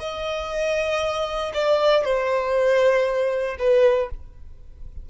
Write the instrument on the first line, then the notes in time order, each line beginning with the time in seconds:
violin
0.00 D#5
1.54 D5
2.05 C5
3.59 B4